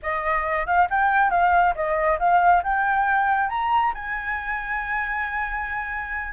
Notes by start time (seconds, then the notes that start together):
0.02 D#5
0.66 F5
0.90 G5
1.30 F5
1.75 D#5
2.19 F5
2.63 G5
3.49 A#5
3.94 G#5